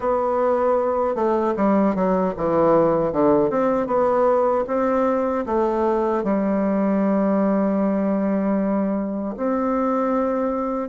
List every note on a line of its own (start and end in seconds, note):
0.00 1.15 B3
1.15 1.54 A3
1.56 1.95 G3
1.95 2.34 F#3
2.37 3.12 E3
3.12 3.50 D3
3.50 3.86 C4
3.86 4.64 B3
4.67 5.45 C4
5.46 6.23 A3
6.23 9.35 G3
9.36 10.88 C4